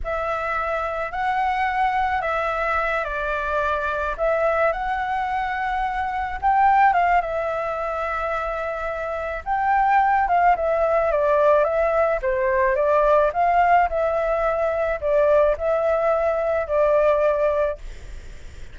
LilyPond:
\new Staff \with { instrumentName = "flute" } { \time 4/4 \tempo 4 = 108 e''2 fis''2 | e''4. d''2 e''8~ | e''8 fis''2. g''8~ | g''8 f''8 e''2.~ |
e''4 g''4. f''8 e''4 | d''4 e''4 c''4 d''4 | f''4 e''2 d''4 | e''2 d''2 | }